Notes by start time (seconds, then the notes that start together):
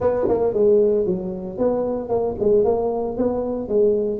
0.00 B3
0.28 A#3
0.53 G#3
1.06 F#3
1.57 B3
2.09 A#3
2.39 G#3
2.64 A#3
3.17 B3
3.68 G#3